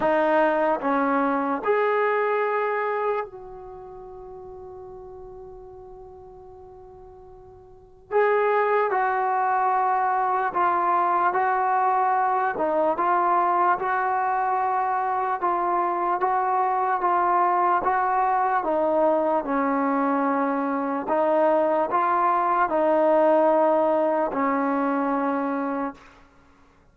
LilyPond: \new Staff \with { instrumentName = "trombone" } { \time 4/4 \tempo 4 = 74 dis'4 cis'4 gis'2 | fis'1~ | fis'2 gis'4 fis'4~ | fis'4 f'4 fis'4. dis'8 |
f'4 fis'2 f'4 | fis'4 f'4 fis'4 dis'4 | cis'2 dis'4 f'4 | dis'2 cis'2 | }